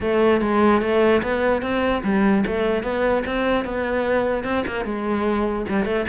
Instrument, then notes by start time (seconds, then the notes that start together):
cello
0.00 A3
0.41 G#3
0.81 A3
1.22 B3
1.62 C4
2.03 G3
2.46 A3
2.83 B3
3.25 C4
3.64 B3
4.44 C4
4.66 A#3
4.84 G#3
5.68 G3
5.85 A3